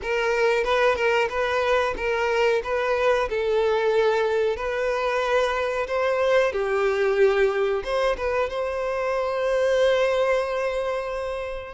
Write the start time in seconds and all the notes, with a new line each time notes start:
0.01 A#4
0.63 B4
0.95 A#4
1.29 B4
1.97 A#4
2.63 B4
3.29 A4
4.56 B4
5.87 C5
6.52 G4
7.83 C5
8.17 B4
8.49 C5